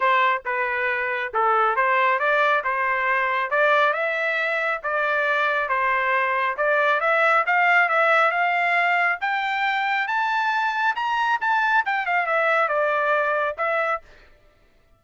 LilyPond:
\new Staff \with { instrumentName = "trumpet" } { \time 4/4 \tempo 4 = 137 c''4 b'2 a'4 | c''4 d''4 c''2 | d''4 e''2 d''4~ | d''4 c''2 d''4 |
e''4 f''4 e''4 f''4~ | f''4 g''2 a''4~ | a''4 ais''4 a''4 g''8 f''8 | e''4 d''2 e''4 | }